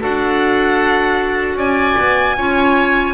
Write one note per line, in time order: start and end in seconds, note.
0.00 1.55 D4
0.00 2.37 F#4
0.00 1.57 A4
0.00 1.58 F#5
1.55 1.95 C#4
1.55 2.36 D5
1.55 3.13 G#5
1.97 2.36 B3
2.36 3.13 C#4
2.36 3.13 F4
2.36 3.13 C#5